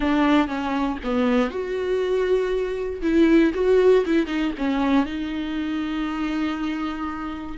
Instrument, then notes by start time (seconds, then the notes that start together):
viola
0.00 D4
0.47 C#4
1.03 B3
1.50 F#4
3.02 E4
3.54 F#4
4.05 E4
4.26 D#4
4.57 C#4
5.05 D#4